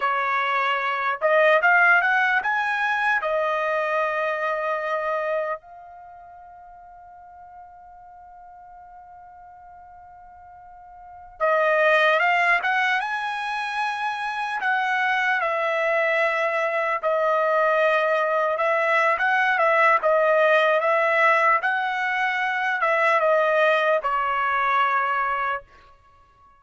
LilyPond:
\new Staff \with { instrumentName = "trumpet" } { \time 4/4 \tempo 4 = 75 cis''4. dis''8 f''8 fis''8 gis''4 | dis''2. f''4~ | f''1~ | f''2~ f''16 dis''4 f''8 fis''16~ |
fis''16 gis''2 fis''4 e''8.~ | e''4~ e''16 dis''2 e''8. | fis''8 e''8 dis''4 e''4 fis''4~ | fis''8 e''8 dis''4 cis''2 | }